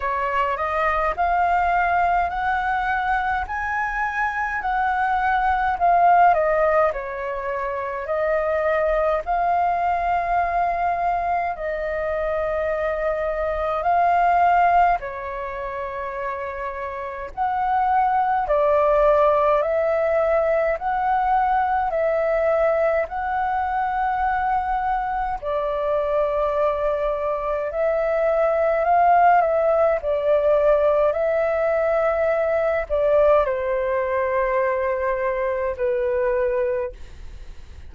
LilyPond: \new Staff \with { instrumentName = "flute" } { \time 4/4 \tempo 4 = 52 cis''8 dis''8 f''4 fis''4 gis''4 | fis''4 f''8 dis''8 cis''4 dis''4 | f''2 dis''2 | f''4 cis''2 fis''4 |
d''4 e''4 fis''4 e''4 | fis''2 d''2 | e''4 f''8 e''8 d''4 e''4~ | e''8 d''8 c''2 b'4 | }